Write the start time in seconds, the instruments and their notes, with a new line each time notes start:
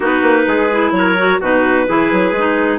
0.00 bassoon B3, clarinet D#4 B4, trumpet F#4
0.22 bassoon A#3
0.47 bassoon G#3, trumpet G#4
0.71 clarinet E4
0.91 bassoon F#3, clarinet C#5
0.97 trumpet A#4
1.17 clarinet F#4
1.40 bassoon B2, clarinet D#4 B4, trumpet F#4
1.87 bassoon E3, clarinet E4, trumpet G#4
2.12 bassoon F#3
2.32 bassoon G#3, clarinet D#4